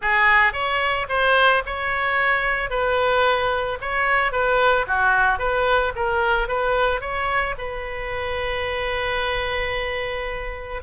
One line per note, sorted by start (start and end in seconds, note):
0.01 0.52 G#4
0.52 1.06 C#5
1.08 1.62 C5
1.66 2.70 C#5
2.70 3.78 B4
3.81 4.31 C#5
4.31 4.86 B4
4.87 5.39 F#4
5.39 5.93 B4
5.95 6.48 A#4
6.48 7.00 B4
7.00 7.55 C#5
7.57 10.82 B4